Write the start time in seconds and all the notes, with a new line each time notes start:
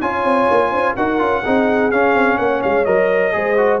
0.00 C#4 F4 C#5 G#5
0.24 C4
0.50 A#3
0.70 C#4 C5
0.95 D#4 F#4 A#4 F#5
1.18 C#4 F4
1.44 C4 D#4 G#4
1.90 C#4 F5
2.13 C4
2.37 A#3 C#5 F#5
2.62 G#3 F5
2.85 F#3 A#4 D#5
3.32 G#3 G#4 C5
3.57 F#4